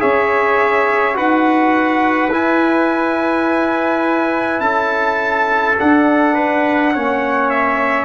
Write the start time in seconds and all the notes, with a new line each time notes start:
0.00 C#4 G#4 C#5 E5
1.15 D#4 F#4 B4 F#5
2.29 E4 G#5
4.61 C#4 A4 A5
5.80 D4 F#5
6.35 B4
6.94 A#3 C#4 C#5
7.50 E5